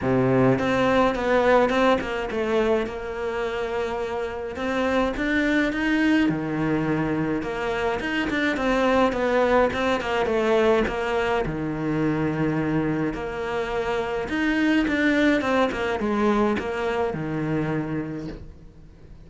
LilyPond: \new Staff \with { instrumentName = "cello" } { \time 4/4 \tempo 4 = 105 c4 c'4 b4 c'8 ais8 | a4 ais2. | c'4 d'4 dis'4 dis4~ | dis4 ais4 dis'8 d'8 c'4 |
b4 c'8 ais8 a4 ais4 | dis2. ais4~ | ais4 dis'4 d'4 c'8 ais8 | gis4 ais4 dis2 | }